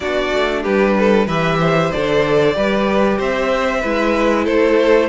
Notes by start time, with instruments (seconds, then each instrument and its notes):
0.00 cello B3, viola D4, violin F#4 D5
0.33 cello A3
0.62 cello G3, violin G4 B4
0.98 violin A4
1.26 cello E3, viola G4, violin B4 E5
1.59 violin C5
1.91 cello D3, viola A4, violin D5
2.53 cello G3, viola G4, violin B4
3.18 cello C4, violin C5 E5
3.80 cello G#3, viola E4, violin B4
4.44 cello A3, violin A4 C5